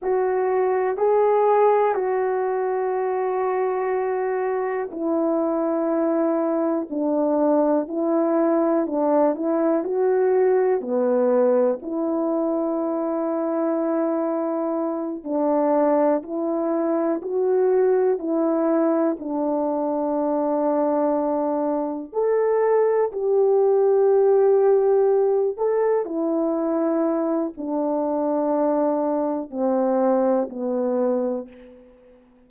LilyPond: \new Staff \with { instrumentName = "horn" } { \time 4/4 \tempo 4 = 61 fis'4 gis'4 fis'2~ | fis'4 e'2 d'4 | e'4 d'8 e'8 fis'4 b4 | e'2.~ e'8 d'8~ |
d'8 e'4 fis'4 e'4 d'8~ | d'2~ d'8 a'4 g'8~ | g'2 a'8 e'4. | d'2 c'4 b4 | }